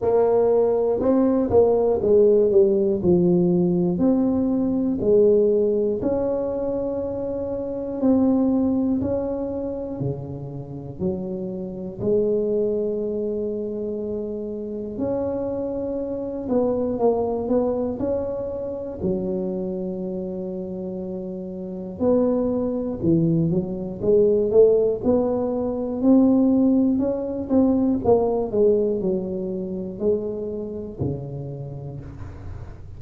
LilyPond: \new Staff \with { instrumentName = "tuba" } { \time 4/4 \tempo 4 = 60 ais4 c'8 ais8 gis8 g8 f4 | c'4 gis4 cis'2 | c'4 cis'4 cis4 fis4 | gis2. cis'4~ |
cis'8 b8 ais8 b8 cis'4 fis4~ | fis2 b4 e8 fis8 | gis8 a8 b4 c'4 cis'8 c'8 | ais8 gis8 fis4 gis4 cis4 | }